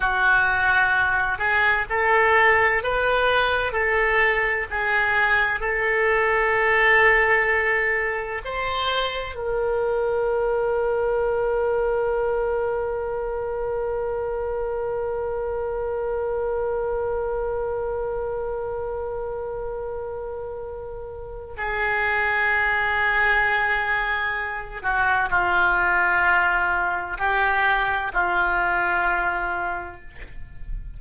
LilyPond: \new Staff \with { instrumentName = "oboe" } { \time 4/4 \tempo 4 = 64 fis'4. gis'8 a'4 b'4 | a'4 gis'4 a'2~ | a'4 c''4 ais'2~ | ais'1~ |
ais'1~ | ais'2. gis'4~ | gis'2~ gis'8 fis'8 f'4~ | f'4 g'4 f'2 | }